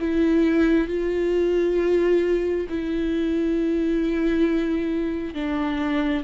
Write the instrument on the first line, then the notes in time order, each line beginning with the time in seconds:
viola
0.00 E4
0.88 F4
2.69 E4
5.34 D4